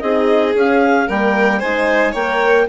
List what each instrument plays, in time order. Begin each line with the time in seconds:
0.00 bassoon C4, horn D#4, violin G#4, clarinet D#5
0.55 bassoon C#4, horn C#4, clarinet F5
1.08 bassoon G3, horn A#3, violin A#4, clarinet G5
1.59 bassoon G#3, horn D#4, violin C5, clarinet G#5
2.12 bassoon A#3, horn A#4, violin C#5, clarinet G5